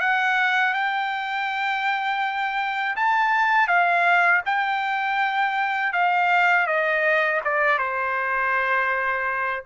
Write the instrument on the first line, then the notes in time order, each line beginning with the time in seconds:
trumpet
0.00 F#5
0.73 G5
2.96 A5
3.68 F5
4.46 G5
5.93 F5
6.67 D#5
7.44 D5
7.78 C5